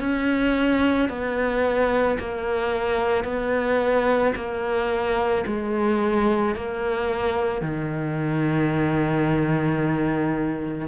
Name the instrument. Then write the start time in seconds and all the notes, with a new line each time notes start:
cello
0.00 C#4
1.09 B3
2.19 A#3
3.24 B3
4.35 A#3
5.46 G#3
6.56 A#3
7.62 D#3